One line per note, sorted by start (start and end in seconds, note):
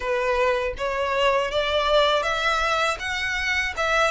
0.00 0.73 B4
0.77 1.51 C#5
1.51 2.22 D5
2.22 2.97 E5
2.99 3.74 F#5
3.76 4.11 E5